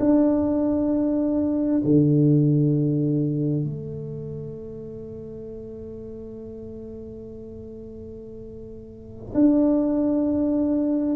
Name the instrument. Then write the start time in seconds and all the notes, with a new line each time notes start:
tuba
0.00 D4
1.84 D3
3.64 A3
9.34 D4